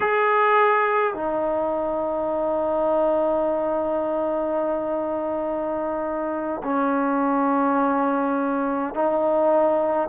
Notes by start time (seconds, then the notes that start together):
0.00 G#4
1.13 D#4
6.63 C#4
8.94 D#4